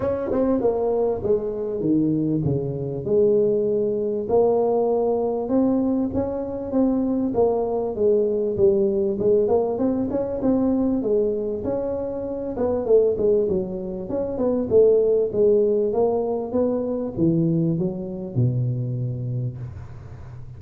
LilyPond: \new Staff \with { instrumentName = "tuba" } { \time 4/4 \tempo 4 = 98 cis'8 c'8 ais4 gis4 dis4 | cis4 gis2 ais4~ | ais4 c'4 cis'4 c'4 | ais4 gis4 g4 gis8 ais8 |
c'8 cis'8 c'4 gis4 cis'4~ | cis'8 b8 a8 gis8 fis4 cis'8 b8 | a4 gis4 ais4 b4 | e4 fis4 b,2 | }